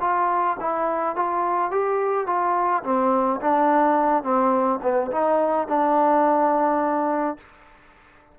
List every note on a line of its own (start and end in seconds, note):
0.00 0.57 F4
0.60 1.16 E4
1.16 1.71 F4
1.71 2.26 G4
2.26 2.83 F4
2.83 3.40 C4
3.40 4.23 D4
4.23 4.80 C4
4.82 5.10 B3
5.11 5.67 D#4
5.67 7.37 D4